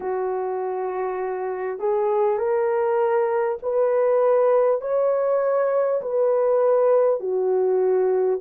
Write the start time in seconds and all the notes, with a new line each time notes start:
0.00 F#4
1.79 G#4
2.38 A#4
3.62 B4
4.81 C#5
6.01 B4
7.20 F#4